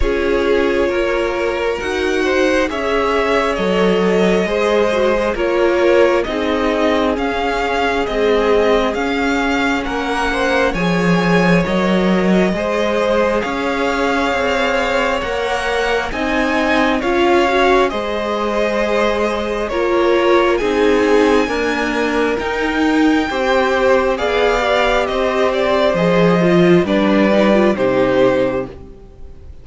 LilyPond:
<<
  \new Staff \with { instrumentName = "violin" } { \time 4/4 \tempo 4 = 67 cis''2 fis''4 e''4 | dis''2 cis''4 dis''4 | f''4 dis''4 f''4 fis''4 | gis''4 dis''2 f''4~ |
f''4 fis''4 gis''4 f''4 | dis''2 cis''4 gis''4~ | gis''4 g''2 f''4 | dis''8 d''8 dis''4 d''4 c''4 | }
  \new Staff \with { instrumentName = "violin" } { \time 4/4 gis'4 ais'4. c''8 cis''4~ | cis''4 c''4 ais'4 gis'4~ | gis'2. ais'8 c''8 | cis''2 c''4 cis''4~ |
cis''2 dis''4 cis''4 | c''2 ais'4 gis'4 | ais'2 c''4 d''4 | c''2 b'4 g'4 | }
  \new Staff \with { instrumentName = "viola" } { \time 4/4 f'2 fis'4 gis'4 | a'4 gis'8 fis'16 gis'16 f'4 dis'4 | cis'4 gis4 cis'2 | gis'4 ais'4 gis'2~ |
gis'4 ais'4 dis'4 f'8 fis'8 | gis'2 f'4 dis'4 | ais4 dis'4 g'4 gis'8 g'8~ | g'4 gis'8 f'8 d'8 dis'16 f'16 dis'4 | }
  \new Staff \with { instrumentName = "cello" } { \time 4/4 cis'4 ais4 dis'4 cis'4 | fis4 gis4 ais4 c'4 | cis'4 c'4 cis'4 ais4 | f4 fis4 gis4 cis'4 |
c'4 ais4 c'4 cis'4 | gis2 ais4 c'4 | d'4 dis'4 c'4 b4 | c'4 f4 g4 c4 | }
>>